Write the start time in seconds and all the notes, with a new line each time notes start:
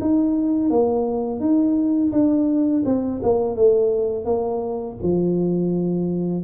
0.00 D#4
0.70 A#3
1.40 D#4
2.12 D4
2.85 C4
3.22 A#3
3.56 A3
4.25 A#3
5.02 F3